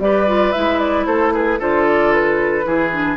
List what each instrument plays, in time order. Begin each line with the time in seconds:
0.00 bassoon G3, clarinet G4, oboe B4, flute D5
0.27 clarinet F4
0.52 bassoon G#3, clarinet E4, flute E5
0.78 flute D5
1.05 bassoon A3, oboe A4, flute C5
1.33 oboe G#4, flute B4
1.59 bassoon D3, clarinet F4, oboe A4, flute C5
1.88 flute D5
2.12 flute B4
2.64 bassoon E3, clarinet E4, oboe G#4
2.92 clarinet D4